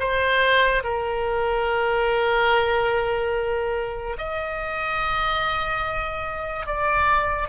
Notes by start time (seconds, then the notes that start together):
0.00 C5
0.84 A#4
4.19 D#5
6.67 D5